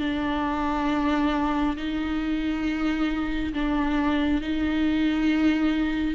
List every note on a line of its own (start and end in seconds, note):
0.00 1.76 D4
1.77 3.53 D#4
3.53 4.42 D4
4.42 6.15 D#4